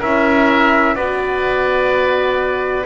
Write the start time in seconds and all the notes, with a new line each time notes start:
0.00 C#4 E4 A#4 E5
0.95 B3 F#4 B4 D5